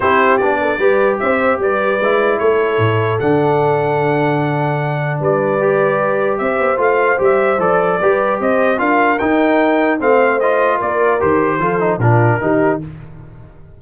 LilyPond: <<
  \new Staff \with { instrumentName = "trumpet" } { \time 4/4 \tempo 4 = 150 c''4 d''2 e''4 | d''2 cis''2 | fis''1~ | fis''4 d''2. |
e''4 f''4 e''4 d''4~ | d''4 dis''4 f''4 g''4~ | g''4 f''4 dis''4 d''4 | c''2 ais'2 | }
  \new Staff \with { instrumentName = "horn" } { \time 4/4 g'4. a'8 b'4 c''4 | b'2 a'2~ | a'1~ | a'4 b'2. |
c''1 | b'4 c''4 ais'2~ | ais'4 c''2 ais'4~ | ais'4 a'4 f'4 g'4 | }
  \new Staff \with { instrumentName = "trombone" } { \time 4/4 e'4 d'4 g'2~ | g'4 e'2. | d'1~ | d'2 g'2~ |
g'4 f'4 g'4 a'4 | g'2 f'4 dis'4~ | dis'4 c'4 f'2 | g'4 f'8 dis'8 d'4 dis'4 | }
  \new Staff \with { instrumentName = "tuba" } { \time 4/4 c'4 b4 g4 c'4 | g4 gis4 a4 a,4 | d1~ | d4 g2. |
c'8 b8 a4 g4 f4 | g4 c'4 d'4 dis'4~ | dis'4 a2 ais4 | dis4 f4 ais,4 dis4 | }
>>